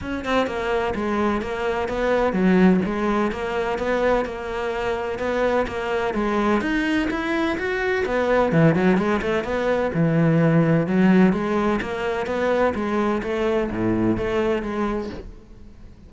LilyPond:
\new Staff \with { instrumentName = "cello" } { \time 4/4 \tempo 4 = 127 cis'8 c'8 ais4 gis4 ais4 | b4 fis4 gis4 ais4 | b4 ais2 b4 | ais4 gis4 dis'4 e'4 |
fis'4 b4 e8 fis8 gis8 a8 | b4 e2 fis4 | gis4 ais4 b4 gis4 | a4 a,4 a4 gis4 | }